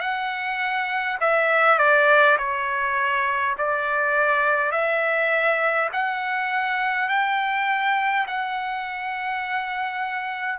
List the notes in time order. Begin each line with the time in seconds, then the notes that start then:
0.00 F#5
1.20 E5
1.78 D5
2.38 C#5
3.58 D5
4.71 E5
5.93 F#5
7.09 G5
8.27 F#5